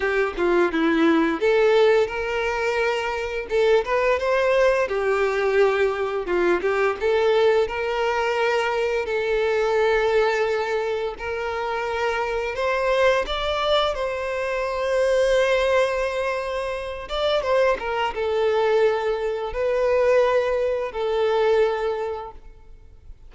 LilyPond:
\new Staff \with { instrumentName = "violin" } { \time 4/4 \tempo 4 = 86 g'8 f'8 e'4 a'4 ais'4~ | ais'4 a'8 b'8 c''4 g'4~ | g'4 f'8 g'8 a'4 ais'4~ | ais'4 a'2. |
ais'2 c''4 d''4 | c''1~ | c''8 d''8 c''8 ais'8 a'2 | b'2 a'2 | }